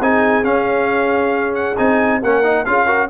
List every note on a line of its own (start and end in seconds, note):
0.00 0.44 C4
0.00 0.43 D#4
0.00 2.21 G#4
0.00 0.44 G#5
0.43 1.76 C#4
0.43 1.54 F5
1.55 1.77 F#5
1.77 2.22 C4
1.77 2.21 D#4
1.77 2.21 G#5
2.21 2.66 A#3
2.21 2.43 C#4
2.21 2.65 A#4
2.21 2.65 F#5
2.43 2.66 D#4
2.65 3.10 C#4
2.65 2.87 F4
2.65 2.85 G#4
2.65 3.09 F5
2.85 3.09 F#4
2.85 3.07 A#4